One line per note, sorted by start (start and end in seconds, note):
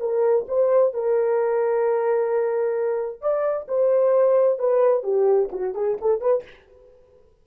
0.00 0.46 A#4
0.48 0.94 C5
0.94 3.21 A#4
3.21 3.67 D5
3.68 4.59 C5
4.59 5.03 B4
5.03 5.49 G4
5.52 5.74 F#4
5.74 5.97 G#4
6.01 6.21 A4
6.21 6.44 B4